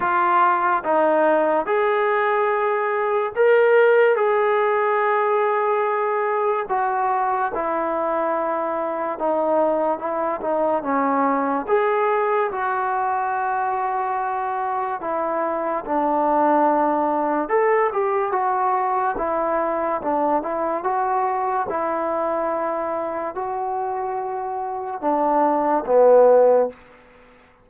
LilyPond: \new Staff \with { instrumentName = "trombone" } { \time 4/4 \tempo 4 = 72 f'4 dis'4 gis'2 | ais'4 gis'2. | fis'4 e'2 dis'4 | e'8 dis'8 cis'4 gis'4 fis'4~ |
fis'2 e'4 d'4~ | d'4 a'8 g'8 fis'4 e'4 | d'8 e'8 fis'4 e'2 | fis'2 d'4 b4 | }